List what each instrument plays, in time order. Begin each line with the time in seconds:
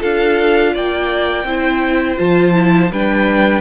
0.00 cello D4, viola F4, violin A4 F5
0.73 cello A#3, violin D5 G5
1.44 cello C4, viola E4, violin C5
2.17 cello F3, viola F4, violin A5
2.53 viola E4
2.91 cello G3, viola D4, violin B4 G5